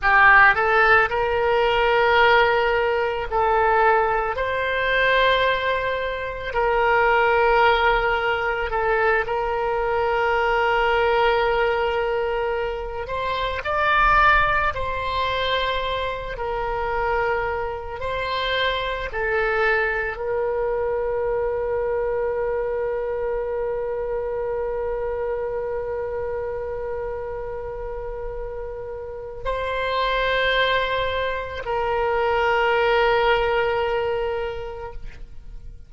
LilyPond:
\new Staff \with { instrumentName = "oboe" } { \time 4/4 \tempo 4 = 55 g'8 a'8 ais'2 a'4 | c''2 ais'2 | a'8 ais'2.~ ais'8 | c''8 d''4 c''4. ais'4~ |
ais'8 c''4 a'4 ais'4.~ | ais'1~ | ais'2. c''4~ | c''4 ais'2. | }